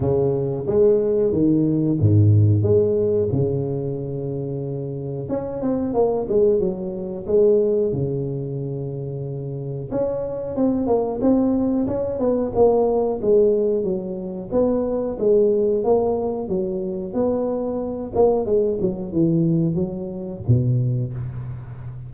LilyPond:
\new Staff \with { instrumentName = "tuba" } { \time 4/4 \tempo 4 = 91 cis4 gis4 dis4 gis,4 | gis4 cis2. | cis'8 c'8 ais8 gis8 fis4 gis4 | cis2. cis'4 |
c'8 ais8 c'4 cis'8 b8 ais4 | gis4 fis4 b4 gis4 | ais4 fis4 b4. ais8 | gis8 fis8 e4 fis4 b,4 | }